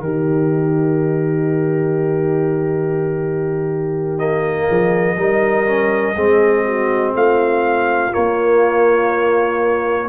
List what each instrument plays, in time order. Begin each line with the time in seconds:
0.00 tuba D#3, trombone D#4, horn G4, trumpet A#4
4.17 trombone A#3, trumpet D#5
4.68 tuba F3, horn G#4
5.16 tuba G3, trombone D#4, horn A#4
5.66 trombone C#4
6.15 tuba G#3, trombone C4, horn G#4
6.65 horn F#4
7.14 tuba A3, horn F4, trumpet F5
8.11 trombone A#3, tuba A#3, trumpet C#5